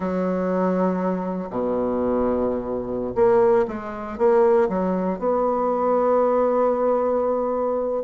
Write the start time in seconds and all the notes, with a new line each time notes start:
0.00 F#3
1.50 B2
3.15 A#3
3.67 G#3
4.18 A#3
4.68 F#3
5.18 B3